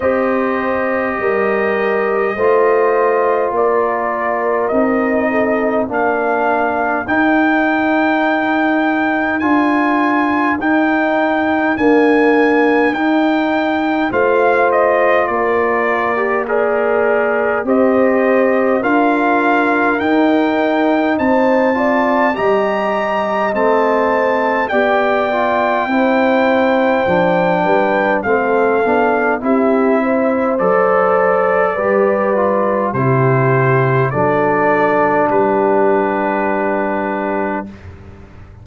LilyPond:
<<
  \new Staff \with { instrumentName = "trumpet" } { \time 4/4 \tempo 4 = 51 dis''2. d''4 | dis''4 f''4 g''2 | gis''4 g''4 gis''4 g''4 | f''8 dis''8 d''4 ais'4 dis''4 |
f''4 g''4 a''4 ais''4 | a''4 g''2. | f''4 e''4 d''2 | c''4 d''4 b'2 | }
  \new Staff \with { instrumentName = "horn" } { \time 4/4 c''4 ais'4 c''4 ais'4~ | ais'8 a'8 ais'2.~ | ais'1 | c''4 ais'4 d''4 c''4 |
ais'2 c''8 d''8 dis''4~ | dis''4 d''4 c''4. b'8 | a'4 g'8 c''4. b'4 | g'4 a'4 g'2 | }
  \new Staff \with { instrumentName = "trombone" } { \time 4/4 g'2 f'2 | dis'4 d'4 dis'2 | f'4 dis'4 ais4 dis'4 | f'4.~ f'16 g'16 gis'4 g'4 |
f'4 dis'4. f'8 g'4 | c'4 g'8 f'8 e'4 d'4 | c'8 d'8 e'4 a'4 g'8 f'8 | e'4 d'2. | }
  \new Staff \with { instrumentName = "tuba" } { \time 4/4 c'4 g4 a4 ais4 | c'4 ais4 dis'2 | d'4 dis'4 d'4 dis'4 | a4 ais2 c'4 |
d'4 dis'4 c'4 g4 | a4 b4 c'4 f8 g8 | a8 b8 c'4 fis4 g4 | c4 fis4 g2 | }
>>